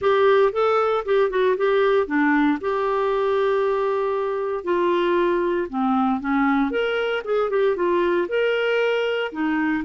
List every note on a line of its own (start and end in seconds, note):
0.01 0.52 G4
0.52 1.04 A4
1.05 1.30 G4
1.30 1.56 F#4
1.57 2.06 G4
2.06 2.58 D4
2.61 4.64 G4
4.64 5.67 F4
5.69 6.20 C4
6.20 6.70 C#4
6.70 7.22 A#4
7.24 7.50 G#4
7.50 7.76 G4
7.76 8.27 F4
8.28 9.31 A#4
9.32 9.83 D#4